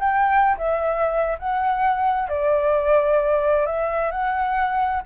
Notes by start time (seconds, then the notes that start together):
0.00 G5
0.58 E5
1.39 F#5
2.29 D5
3.67 E5
4.12 F#5